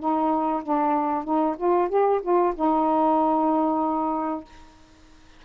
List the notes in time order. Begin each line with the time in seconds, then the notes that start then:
0.00 D#4
0.64 D4
1.25 D#4
1.58 F4
1.89 G4
2.22 F4
2.56 D#4